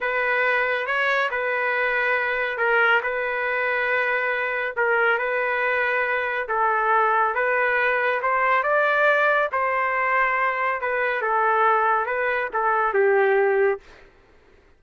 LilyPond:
\new Staff \with { instrumentName = "trumpet" } { \time 4/4 \tempo 4 = 139 b'2 cis''4 b'4~ | b'2 ais'4 b'4~ | b'2. ais'4 | b'2. a'4~ |
a'4 b'2 c''4 | d''2 c''2~ | c''4 b'4 a'2 | b'4 a'4 g'2 | }